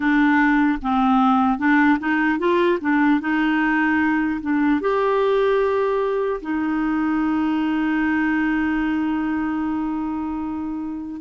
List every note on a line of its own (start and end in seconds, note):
0.00 0.79 D4
0.81 1.58 C4
1.58 1.98 D4
1.99 2.39 D#4
2.39 2.79 F4
2.80 3.20 D4
3.20 4.40 D#4
4.41 4.80 D4
4.80 6.40 G4
6.41 11.21 D#4